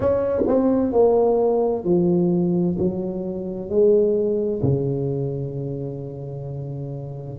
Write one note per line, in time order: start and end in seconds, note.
0.00 0.42 C#4
0.46 0.92 C4
0.92 1.84 A#3
1.84 2.77 F3
2.78 3.69 F#3
3.69 4.62 G#3
4.62 7.39 C#3